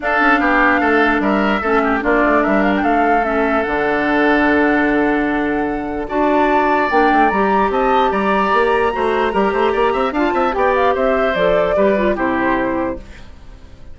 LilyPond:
<<
  \new Staff \with { instrumentName = "flute" } { \time 4/4 \tempo 4 = 148 f''2. e''4~ | e''4 d''4 e''8 f''16 g''16 f''4 | e''4 fis''2.~ | fis''2. a''4~ |
a''4 g''4 ais''4 a''4 | ais''1~ | ais''4 a''4 g''8 f''8 e''4 | d''2 c''2 | }
  \new Staff \with { instrumentName = "oboe" } { \time 4/4 a'4 g'4 a'4 ais'4 | a'8 g'8 f'4 ais'4 a'4~ | a'1~ | a'2. d''4~ |
d''2. dis''4 | d''2 c''4 ais'8 c''8 | d''8 e''8 f''8 e''8 d''4 c''4~ | c''4 b'4 g'2 | }
  \new Staff \with { instrumentName = "clarinet" } { \time 4/4 d'1 | cis'4 d'2. | cis'4 d'2.~ | d'2. fis'4~ |
fis'4 d'4 g'2~ | g'2 fis'4 g'4~ | g'4 f'4 g'2 | a'4 g'8 f'8 e'2 | }
  \new Staff \with { instrumentName = "bassoon" } { \time 4/4 d'8 cis'8 b4 a4 g4 | a4 ais8 a8 g4 a4~ | a4 d2.~ | d2. d'4~ |
d'4 ais8 a8 g4 c'4 | g4 ais4 a4 g8 a8 | ais8 c'8 d'8 c'8 b4 c'4 | f4 g4 c2 | }
>>